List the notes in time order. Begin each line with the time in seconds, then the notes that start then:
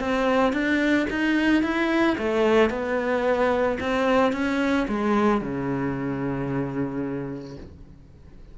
0.00 C4
0.53 D4
1.10 D#4
1.63 E4
2.18 A3
2.70 B3
3.80 C4
4.33 C#4
4.88 G#3
5.41 C#3